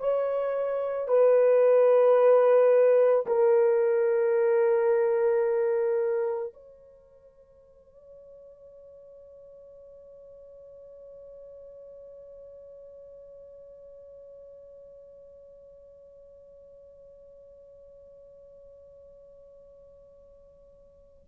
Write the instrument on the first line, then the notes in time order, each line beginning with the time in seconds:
horn
0.00 C#5
1.09 B4
3.27 A#4
6.54 C#5